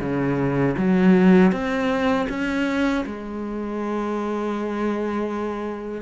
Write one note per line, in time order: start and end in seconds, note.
0.00 0.75 C#3
0.77 1.52 F#3
1.52 2.27 C4
2.29 3.04 C#4
3.05 6.01 G#3